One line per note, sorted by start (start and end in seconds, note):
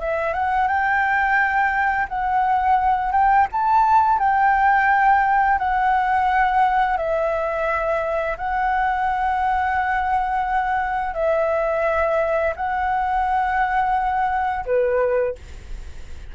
0.00 0.34 E5
0.34 0.68 F#5
0.68 2.07 G5
2.08 3.12 F#5
3.12 3.47 G5
3.52 4.19 A5
4.19 5.58 G5
5.58 6.97 F#5
6.97 8.37 E5
8.38 11.14 F#5
11.14 12.54 E5
12.56 14.65 F#5
14.65 15.35 B4